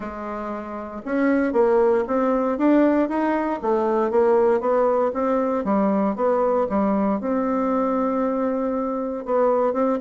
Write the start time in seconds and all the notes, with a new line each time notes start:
0.00 G#3
1.05 C#4
1.52 A#3
2.07 C4
2.58 D4
3.08 D#4
3.62 A3
4.10 A#3
4.60 B3
5.13 C4
5.64 G3
6.15 B3
6.69 G3
7.20 C4
9.25 B3
9.73 C4